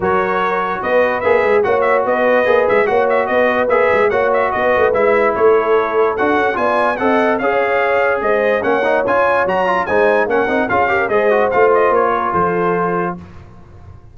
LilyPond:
<<
  \new Staff \with { instrumentName = "trumpet" } { \time 4/4 \tempo 4 = 146 cis''2 dis''4 e''4 | fis''8 e''8 dis''4. e''8 fis''8 e''8 | dis''4 e''4 fis''8 e''8 dis''4 | e''4 cis''2 fis''4 |
gis''4 fis''4 f''2 | dis''4 fis''4 gis''4 ais''4 | gis''4 fis''4 f''4 dis''4 | f''8 dis''8 cis''4 c''2 | }
  \new Staff \with { instrumentName = "horn" } { \time 4/4 ais'2 b'2 | cis''4 b'2 cis''4 | b'2 cis''4 b'4~ | b'4 a'2. |
d''4 dis''4 cis''2 | c''4 cis''2. | c''4 ais'4 gis'8 ais'8 c''4~ | c''4. ais'8 a'2 | }
  \new Staff \with { instrumentName = "trombone" } { \time 4/4 fis'2. gis'4 | fis'2 gis'4 fis'4~ | fis'4 gis'4 fis'2 | e'2. fis'4 |
f'4 a'4 gis'2~ | gis'4 cis'8 dis'8 f'4 fis'8 f'8 | dis'4 cis'8 dis'8 f'8 g'8 gis'8 fis'8 | f'1 | }
  \new Staff \with { instrumentName = "tuba" } { \time 4/4 fis2 b4 ais8 gis8 | ais4 b4 ais8 gis8 ais4 | b4 ais8 gis8 ais4 b8 a8 | gis4 a2 d'8 cis'8 |
b4 c'4 cis'2 | gis4 ais4 cis'4 fis4 | gis4 ais8 c'8 cis'4 gis4 | a4 ais4 f2 | }
>>